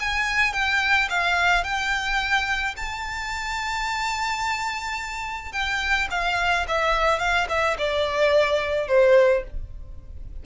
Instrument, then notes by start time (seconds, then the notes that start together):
violin
0.00 G#5
0.53 G5
1.10 F5
1.64 G5
2.77 A5
5.53 G5
6.11 F5
6.68 E5
7.19 F5
7.49 E5
7.78 D5
8.88 C5